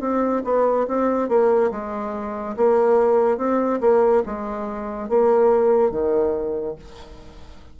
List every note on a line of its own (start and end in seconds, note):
0.00 0.42 C4
0.44 0.86 B3
0.87 1.28 C4
1.28 1.70 A#3
1.71 2.55 G#3
2.56 3.37 A#3
3.37 3.79 C4
3.80 4.23 A#3
4.25 5.09 G#3
5.09 5.90 A#3
5.90 6.75 D#3